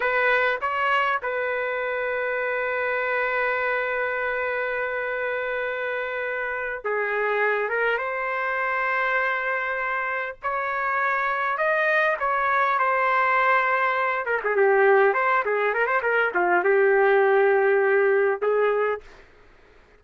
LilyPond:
\new Staff \with { instrumentName = "trumpet" } { \time 4/4 \tempo 4 = 101 b'4 cis''4 b'2~ | b'1~ | b'2.~ b'8 gis'8~ | gis'4 ais'8 c''2~ c''8~ |
c''4. cis''2 dis''8~ | dis''8 cis''4 c''2~ c''8 | ais'16 gis'16 g'4 c''8 gis'8 ais'16 c''16 ais'8 f'8 | g'2. gis'4 | }